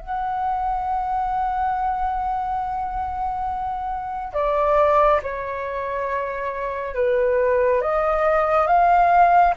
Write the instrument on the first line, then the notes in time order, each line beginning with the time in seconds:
flute
0.00 F#5
4.34 D5
5.23 C#5
6.94 B4
7.81 D#5
8.67 F5